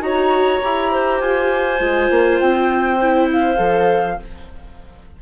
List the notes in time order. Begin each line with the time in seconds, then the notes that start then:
0.00 D#4 F#4 C#5 A#5
0.62 E4 G4
0.91 C5
1.20 F4 G#5
1.78 G#3 F4
2.10 A#3
2.39 C4 G5
3.01 E4
3.32 F5
3.56 F3 A4